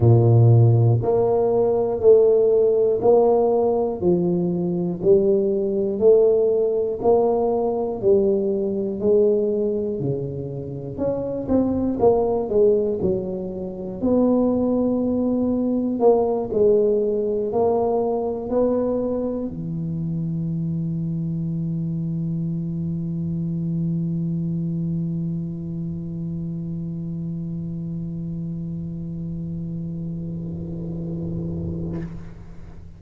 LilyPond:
\new Staff \with { instrumentName = "tuba" } { \time 4/4 \tempo 4 = 60 ais,4 ais4 a4 ais4 | f4 g4 a4 ais4 | g4 gis4 cis4 cis'8 c'8 | ais8 gis8 fis4 b2 |
ais8 gis4 ais4 b4 e8~ | e1~ | e1~ | e1 | }